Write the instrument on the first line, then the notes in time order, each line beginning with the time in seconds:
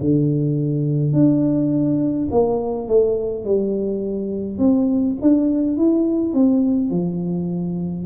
tuba
0.00 D3
1.13 D4
2.31 A#3
2.88 A3
3.45 G3
4.58 C4
5.21 D4
5.77 E4
6.34 C4
6.90 F3